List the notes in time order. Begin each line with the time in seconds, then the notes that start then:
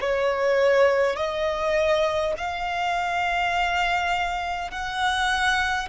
0.00 C#5
1.16 D#5
2.37 F5
4.71 F#5